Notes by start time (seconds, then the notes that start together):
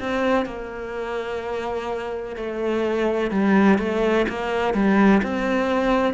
0.00 C4
0.46 A#3
2.36 A3
3.31 G3
3.78 A3
4.29 A#3
4.74 G3
5.23 C4